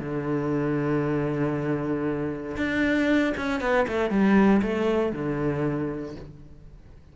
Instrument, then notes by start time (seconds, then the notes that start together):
cello
0.00 D3
2.57 D4
3.37 C#4
3.61 B3
3.88 A3
4.10 G3
4.62 A3
5.13 D3